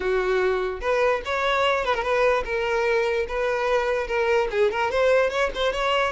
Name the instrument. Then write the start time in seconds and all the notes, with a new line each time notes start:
violin
0.00 F#4
0.80 B4
1.25 C#5
1.84 B4
1.94 A#4
2.02 B4
2.44 A#4
3.27 B4
4.07 A#4
4.50 G#4
4.71 A#4
4.90 C5
5.30 C#5
5.54 C5
5.72 C#5